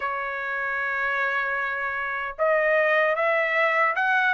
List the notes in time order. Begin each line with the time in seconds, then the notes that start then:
0.00 C#5
2.38 D#5
3.15 E5
3.95 F#5